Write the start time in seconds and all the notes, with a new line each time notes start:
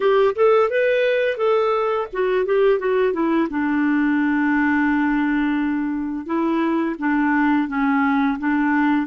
0.00 G4
0.35 A4
0.69 B4
1.37 A4
2.12 F#4
2.45 G4
2.79 F#4
3.13 E4
3.49 D4
6.26 E4
6.98 D4
7.68 C#4
8.38 D4